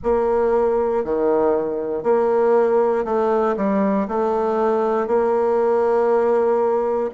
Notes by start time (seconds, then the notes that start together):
0.03 A#3
1.04 D#3
2.03 A#3
3.05 A3
3.56 G3
4.07 A3
5.07 A#3